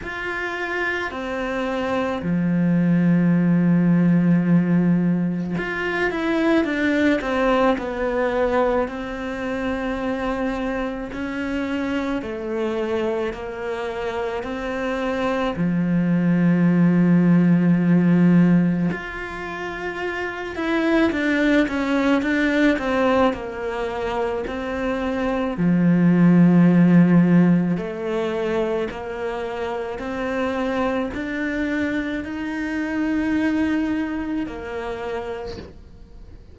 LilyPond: \new Staff \with { instrumentName = "cello" } { \time 4/4 \tempo 4 = 54 f'4 c'4 f2~ | f4 f'8 e'8 d'8 c'8 b4 | c'2 cis'4 a4 | ais4 c'4 f2~ |
f4 f'4. e'8 d'8 cis'8 | d'8 c'8 ais4 c'4 f4~ | f4 a4 ais4 c'4 | d'4 dis'2 ais4 | }